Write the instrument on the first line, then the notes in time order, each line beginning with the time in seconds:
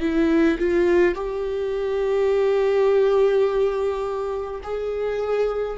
viola
0.00 E4
0.59 F4
1.15 G4
4.63 G#4